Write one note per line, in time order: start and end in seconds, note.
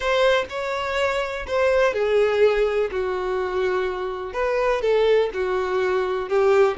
0.00 0.45 C5
0.49 1.46 C#5
1.47 1.93 C5
1.93 2.90 G#4
2.91 4.33 F#4
4.33 4.81 B4
4.81 5.29 A4
5.33 6.29 F#4
6.29 6.77 G4